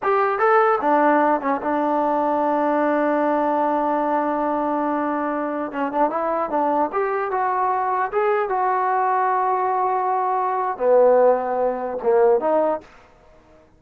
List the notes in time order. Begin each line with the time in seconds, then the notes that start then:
0.02 G4
0.38 A4
0.81 D4
1.41 C#4
1.61 D4
5.71 C#4
5.92 D4
6.09 E4
6.50 D4
6.92 G4
7.31 F#4
8.11 G#4
8.49 F#4
10.77 B3
12.02 A#3
12.40 D#4